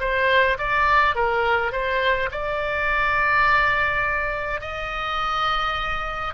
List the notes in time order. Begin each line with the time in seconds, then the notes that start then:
0.00 C5
0.58 D5
1.16 A#4
1.72 C5
2.31 D5
4.61 D#5